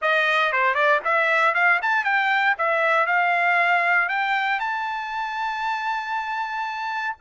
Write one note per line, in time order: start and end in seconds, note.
0.01 0.52 D#5
0.52 0.74 C5
0.74 1.00 D5
1.04 1.54 E5
1.54 1.80 F5
1.82 2.04 A5
2.04 2.55 G5
2.58 3.06 E5
3.06 4.08 F5
4.08 4.59 G5
4.59 7.15 A5